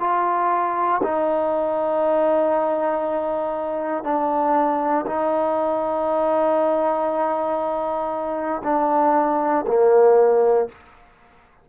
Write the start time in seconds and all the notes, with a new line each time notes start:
0.00 F4
1.03 D#4
4.04 D4
5.07 D#4
8.64 D4
9.67 A#3